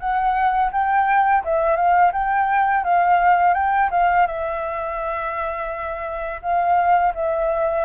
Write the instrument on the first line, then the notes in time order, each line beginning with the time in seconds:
flute
0.00 F#5
0.72 G5
1.45 E5
1.76 F5
2.13 G5
2.84 F5
3.54 G5
3.91 F5
4.27 E5
6.42 F5
7.15 E5